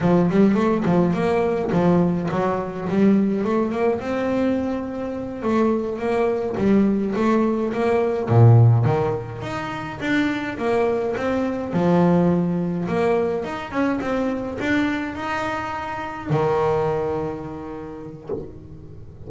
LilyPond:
\new Staff \with { instrumentName = "double bass" } { \time 4/4 \tempo 4 = 105 f8 g8 a8 f8 ais4 f4 | fis4 g4 a8 ais8 c'4~ | c'4. a4 ais4 g8~ | g8 a4 ais4 ais,4 dis8~ |
dis8 dis'4 d'4 ais4 c'8~ | c'8 f2 ais4 dis'8 | cis'8 c'4 d'4 dis'4.~ | dis'8 dis2.~ dis8 | }